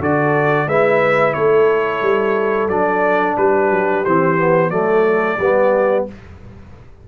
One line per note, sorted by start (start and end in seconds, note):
0.00 0.67 D3
0.00 0.68 F#4
0.00 0.68 A4
0.00 0.69 D5
0.67 1.34 G#3
0.67 2.71 E4
0.67 1.35 B4
0.67 1.34 E5
1.34 2.02 A3
1.34 3.39 A4
1.34 2.69 C#5
2.02 2.69 G3
2.69 3.36 F#3
2.69 4.05 D4
2.69 3.37 D5
3.37 3.71 G3
3.37 4.72 G4
3.37 4.05 B4
3.71 4.05 F#3
4.05 4.71 E3
4.05 4.38 C4
4.05 4.71 C5
4.38 4.71 B3
4.71 5.38 F#3
4.71 5.38 A3
4.71 5.39 A4
4.71 6.06 D5
5.38 6.06 G3
5.38 6.08 B3
5.38 6.07 G4